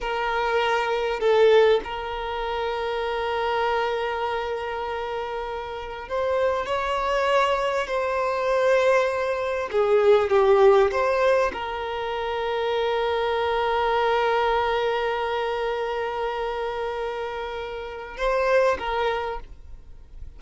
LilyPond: \new Staff \with { instrumentName = "violin" } { \time 4/4 \tempo 4 = 99 ais'2 a'4 ais'4~ | ais'1~ | ais'2 c''4 cis''4~ | cis''4 c''2. |
gis'4 g'4 c''4 ais'4~ | ais'1~ | ais'1~ | ais'2 c''4 ais'4 | }